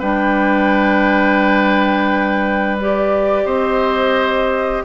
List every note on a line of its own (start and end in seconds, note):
0.00 3.45 G3
0.00 2.79 D4
0.00 3.45 B4
0.00 2.77 G5
2.79 4.85 G4
2.79 3.46 D5
3.45 4.83 C4
3.45 4.83 C5
3.45 4.84 D#5